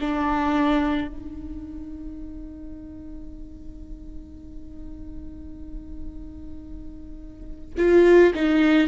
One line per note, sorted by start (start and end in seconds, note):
0.00 1.08 D4
1.08 7.75 D#4
7.77 8.33 F4
8.35 8.88 D#4